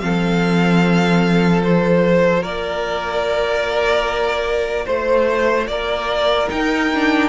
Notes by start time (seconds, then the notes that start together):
0.00 F3 C4 A4 F5
1.62 F4 C5
2.42 A#3 A#4 D5
4.85 A3 C5
5.68 A#3 A#4 D5
6.48 D#4 G5
6.94 D4